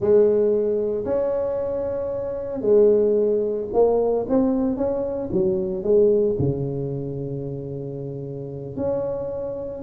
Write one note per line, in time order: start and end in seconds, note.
0.00 1.05 G#3
1.05 2.61 C#4
2.61 3.67 G#3
3.73 4.26 A#3
4.28 4.76 C4
4.76 5.29 C#4
5.31 5.83 F#3
5.83 6.36 G#3
6.38 8.76 C#3
8.76 9.82 C#4